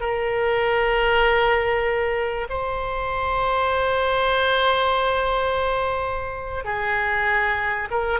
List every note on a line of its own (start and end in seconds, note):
0.00 2.47 A#4
2.49 6.64 C5
6.64 7.88 G#4
7.90 8.20 A#4